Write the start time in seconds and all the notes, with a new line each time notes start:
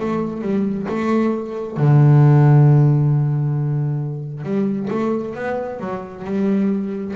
0.00 A3
0.42 G3
0.89 A3
1.77 D3
4.44 G3
4.91 A3
5.35 B3
5.80 F#3
6.25 G3